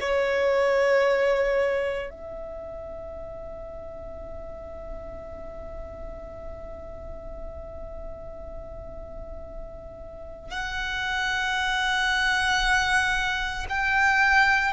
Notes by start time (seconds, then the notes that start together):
0.00 C#5
2.10 E5
10.50 F#5
13.69 G5